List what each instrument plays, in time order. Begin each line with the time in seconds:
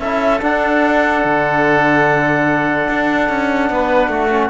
0.00 cello C#4, trombone E4, oboe A4, clarinet E5
0.41 trombone D4, cello D4, clarinet F#5
1.25 cello D3
2.89 cello D4
3.30 cello C#4
3.70 cello B3, oboe B4
4.09 cello A3, oboe F#4
4.30 trombone C#4